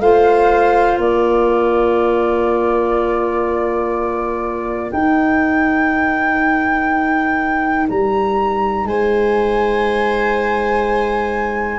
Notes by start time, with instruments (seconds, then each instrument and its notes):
0.00 tuba A3, clarinet F4, viola C5, flute F5
0.98 tuba A#3, viola A#4, flute D5
4.92 clarinet D#4, tuba D#4, flute G5
7.90 tuba G3, flute A#5
8.85 tuba G#3, viola C5, flute G#5